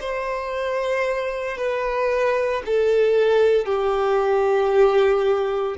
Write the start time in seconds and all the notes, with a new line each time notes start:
0.00 C5
1.57 B4
2.66 A4
3.66 G4